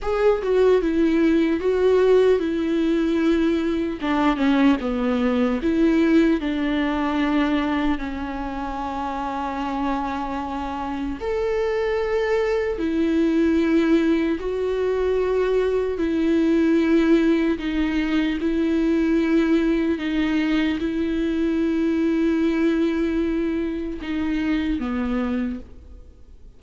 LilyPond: \new Staff \with { instrumentName = "viola" } { \time 4/4 \tempo 4 = 75 gis'8 fis'8 e'4 fis'4 e'4~ | e'4 d'8 cis'8 b4 e'4 | d'2 cis'2~ | cis'2 a'2 |
e'2 fis'2 | e'2 dis'4 e'4~ | e'4 dis'4 e'2~ | e'2 dis'4 b4 | }